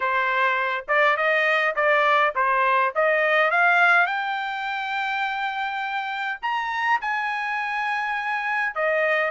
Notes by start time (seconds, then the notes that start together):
0.00 C5
0.87 D5
1.16 D#5
1.75 D5
2.35 C5
2.95 D#5
3.50 F5
4.06 G5
6.42 A#5
7.01 G#5
8.75 D#5